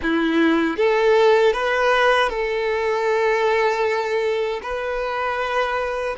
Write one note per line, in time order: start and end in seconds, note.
0.02 0.77 E4
0.77 1.53 A4
1.53 2.29 B4
2.29 4.60 A4
4.62 6.16 B4